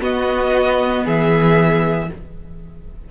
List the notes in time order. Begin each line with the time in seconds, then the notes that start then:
0.00 B3 F#4 D#5
1.04 E3 G#4 E5